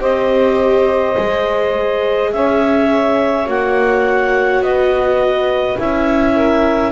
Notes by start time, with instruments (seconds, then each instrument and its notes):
0.00 double bass C4, viola G4, saxophone C5, clarinet D#5
1.16 double bass G#3, viola G#4
2.32 double bass C#4, saxophone C#5, clarinet E5
3.45 double bass A#3, viola F#4, clarinet F#5
4.61 double bass B3, saxophone B4, clarinet D#5
5.79 double bass C#4, viola E4, clarinet E5
6.35 saxophone A#4